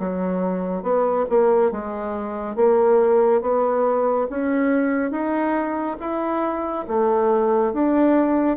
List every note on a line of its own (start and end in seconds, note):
0.00 0.83 F#3
0.83 1.26 B3
1.30 1.72 A#3
1.72 2.56 G#3
2.56 3.42 A#3
3.42 4.28 B3
4.30 5.11 C#4
5.11 5.97 D#4
6.00 6.86 E4
6.88 7.73 A3
7.73 8.58 D4